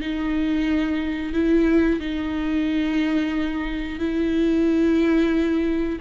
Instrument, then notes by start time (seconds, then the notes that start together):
viola
0.00 D#4
1.33 E4
1.99 D#4
3.99 E4